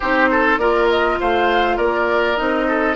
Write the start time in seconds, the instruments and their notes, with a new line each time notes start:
0.00 bassoon C4, clarinet D#4, oboe G4, flute C5
0.31 oboe A4
0.57 bassoon A#3, clarinet F4, oboe A#4, flute D5
0.89 flute D#5
1.20 bassoon A3, oboe C5, flute F5
1.76 bassoon A#3, oboe A#4, flute D5
2.36 bassoon C4, clarinet D#4, flute D#5
2.68 oboe A4